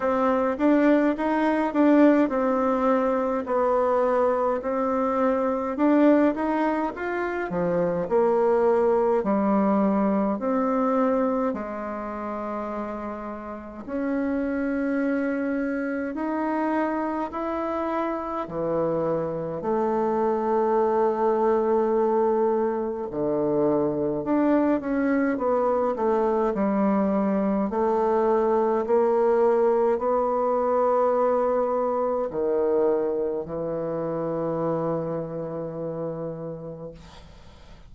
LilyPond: \new Staff \with { instrumentName = "bassoon" } { \time 4/4 \tempo 4 = 52 c'8 d'8 dis'8 d'8 c'4 b4 | c'4 d'8 dis'8 f'8 f8 ais4 | g4 c'4 gis2 | cis'2 dis'4 e'4 |
e4 a2. | d4 d'8 cis'8 b8 a8 g4 | a4 ais4 b2 | dis4 e2. | }